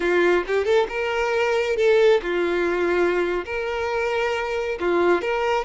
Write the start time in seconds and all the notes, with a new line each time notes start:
0.00 F4
0.47 G4
0.64 A4
0.88 A#4
1.76 A4
2.22 F4
3.45 A#4
4.80 F4
5.21 A#4